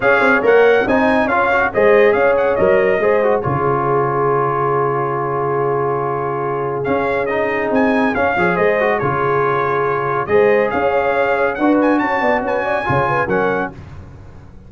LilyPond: <<
  \new Staff \with { instrumentName = "trumpet" } { \time 4/4 \tempo 4 = 140 f''4 fis''4 gis''4 f''4 | dis''4 f''8 fis''8 dis''2 | cis''1~ | cis''1 |
f''4 dis''4 gis''4 f''4 | dis''4 cis''2. | dis''4 f''2 fis''8 gis''8 | a''4 gis''2 fis''4 | }
  \new Staff \with { instrumentName = "horn" } { \time 4/4 cis''2 dis''4 cis''4 | c''4 cis''2 c''4 | gis'1~ | gis'1~ |
gis'2.~ gis'8 cis''8 | c''4 gis'2. | c''4 cis''2 b'4 | cis''8 d''8 b'8 d''8 cis''8 b'8 ais'4 | }
  \new Staff \with { instrumentName = "trombone" } { \time 4/4 gis'4 ais'4 dis'4 f'8 fis'8 | gis'2 ais'4 gis'8 fis'8 | f'1~ | f'1 |
cis'4 dis'2 cis'8 gis'8~ | gis'8 fis'8 f'2. | gis'2. fis'4~ | fis'2 f'4 cis'4 | }
  \new Staff \with { instrumentName = "tuba" } { \time 4/4 cis'8 c'8 ais4 c'4 cis'4 | gis4 cis'4 fis4 gis4 | cis1~ | cis1 |
cis'2 c'4 cis'8 f8 | gis4 cis2. | gis4 cis'2 d'4 | cis'8 b8 cis'4 cis4 fis4 | }
>>